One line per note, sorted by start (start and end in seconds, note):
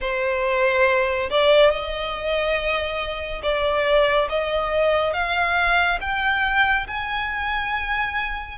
0.00 1.29 C5
1.30 1.70 D5
1.70 3.41 D#5
3.42 4.28 D5
4.29 5.13 D#5
5.13 5.98 F5
6.00 6.86 G5
6.87 8.58 G#5